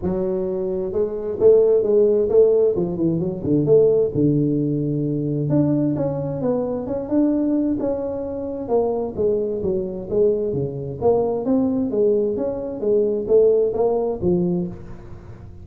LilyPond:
\new Staff \with { instrumentName = "tuba" } { \time 4/4 \tempo 4 = 131 fis2 gis4 a4 | gis4 a4 f8 e8 fis8 d8 | a4 d2. | d'4 cis'4 b4 cis'8 d'8~ |
d'4 cis'2 ais4 | gis4 fis4 gis4 cis4 | ais4 c'4 gis4 cis'4 | gis4 a4 ais4 f4 | }